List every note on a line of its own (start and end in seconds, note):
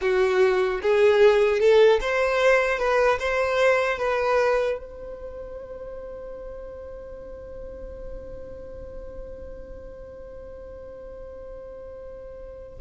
0.01 0.81 F#4
0.81 1.60 G#4
1.60 2.00 A4
2.00 2.79 C5
2.79 3.19 B4
3.19 3.98 C5
3.98 4.78 B4
4.78 12.78 C5